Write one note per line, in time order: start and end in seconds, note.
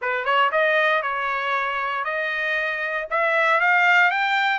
0.01 0.24 B4
0.24 0.50 C#5
0.51 1.02 D#5
1.02 2.04 C#5
2.04 3.07 D#5
3.10 3.60 E5
3.60 4.10 F5
4.10 4.59 G5